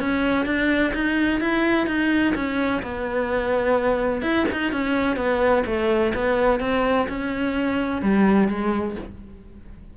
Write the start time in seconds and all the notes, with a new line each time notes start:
0.00 C#4
0.46 D4
0.94 D#4
1.40 E4
1.87 D#4
2.35 C#4
2.82 B3
4.22 E4
4.52 D#4
4.72 C#4
5.16 B3
5.66 A3
6.14 B3
6.60 C4
7.09 C#4
8.02 G3
8.48 G#3